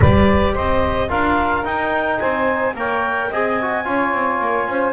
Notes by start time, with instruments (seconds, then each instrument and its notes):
0.00 double bass G3, trombone G4, saxophone B4, clarinet D5
0.53 double bass C4, saxophone C5, clarinet D#5
1.08 double bass D4, trombone F4, saxophone A#4, clarinet F5
1.64 double bass D#4, trombone D#4, clarinet G5
2.19 double bass C4, saxophone C5, clarinet G#5
2.74 double bass A#3, trombone A#4, saxophone C#5, clarinet G5
3.30 double bass C4, trombone G#4, saxophone D#5, clarinet G#5
3.61 trombone F#4
3.84 double bass C#4, trombone F4, saxophone C#5
4.12 double bass C4
4.40 double bass A#3
4.67 double bass C#4, saxophone C5